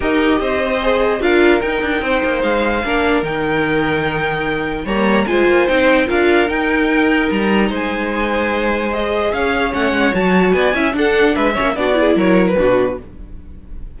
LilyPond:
<<
  \new Staff \with { instrumentName = "violin" } { \time 4/4 \tempo 4 = 148 dis''2. f''4 | g''2 f''2 | g''1 | ais''4 gis''4 g''4 f''4 |
g''2 ais''4 gis''4~ | gis''2 dis''4 f''4 | fis''4 a''4 gis''4 fis''4 | e''4 d''4 cis''8. b'4~ b'16 | }
  \new Staff \with { instrumentName = "violin" } { \time 4/4 ais'4 c''2 ais'4~ | ais'4 c''2 ais'4~ | ais'1 | cis''4 c''2 ais'4~ |
ais'2. c''4~ | c''2. cis''4~ | cis''2 d''8 e''8 a'4 | b'8 cis''8 fis'8 gis'8 ais'4 fis'4 | }
  \new Staff \with { instrumentName = "viola" } { \time 4/4 g'2 gis'4 f'4 | dis'2. d'4 | dis'1 | ais4 f'4 dis'4 f'4 |
dis'1~ | dis'2 gis'2 | cis'4 fis'4. e'8 d'4~ | d'8 cis'8 d'8 e'4. d'4 | }
  \new Staff \with { instrumentName = "cello" } { \time 4/4 dis'4 c'2 d'4 | dis'8 d'8 c'8 ais8 gis4 ais4 | dis1 | g4 gis8 ais8 c'4 d'4 |
dis'2 g4 gis4~ | gis2. cis'4 | a8 gis8 fis4 b8 cis'8 d'4 | gis8 ais8 b4 fis4 b,4 | }
>>